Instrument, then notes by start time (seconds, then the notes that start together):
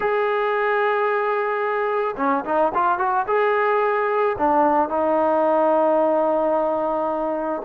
trombone
0.00 G#4
2.17 C#4
2.44 D#4
2.74 F4
2.98 F#4
3.27 G#4
4.38 D4
4.89 D#4